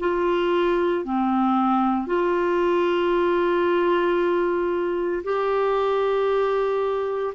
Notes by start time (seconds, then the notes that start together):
0.00 F4
1.05 C4
2.07 F4
5.24 G4